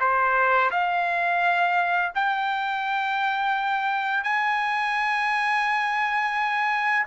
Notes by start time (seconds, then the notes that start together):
0.00 C5
0.71 F5
2.15 G5
4.24 G#5